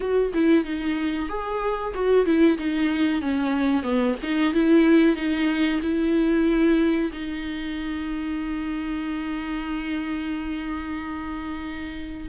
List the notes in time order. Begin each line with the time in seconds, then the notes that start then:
0.00 F#4
0.33 E4
0.64 D#4
1.28 G#4
1.94 F#4
2.25 E4
2.57 D#4
3.21 C#4
3.82 B3
4.22 D#4
4.53 E4
5.16 D#4
5.82 E4
7.12 D#4